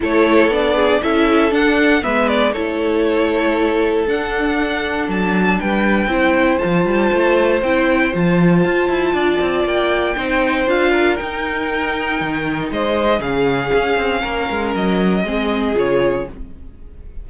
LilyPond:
<<
  \new Staff \with { instrumentName = "violin" } { \time 4/4 \tempo 4 = 118 cis''4 d''4 e''4 fis''4 | e''8 d''8 cis''2. | fis''2 a''4 g''4~ | g''4 a''2 g''4 |
a''2. g''4~ | g''4 f''4 g''2~ | g''4 dis''4 f''2~ | f''4 dis''2 cis''4 | }
  \new Staff \with { instrumentName = "violin" } { \time 4/4 a'4. gis'8 a'2 | b'4 a'2.~ | a'2. b'4 | c''1~ |
c''2 d''2 | c''4. ais'2~ ais'8~ | ais'4 c''4 gis'2 | ais'2 gis'2 | }
  \new Staff \with { instrumentName = "viola" } { \time 4/4 e'4 d'4 e'4 d'4 | b4 e'2. | d'1 | e'4 f'2 e'4 |
f'1 | dis'4 f'4 dis'2~ | dis'2 cis'2~ | cis'2 c'4 f'4 | }
  \new Staff \with { instrumentName = "cello" } { \time 4/4 a4 b4 cis'4 d'4 | gis4 a2. | d'2 fis4 g4 | c'4 f8 g8 a4 c'4 |
f4 f'8 e'8 d'8 c'8 ais4 | c'4 d'4 dis'2 | dis4 gis4 cis4 cis'8 c'8 | ais8 gis8 fis4 gis4 cis4 | }
>>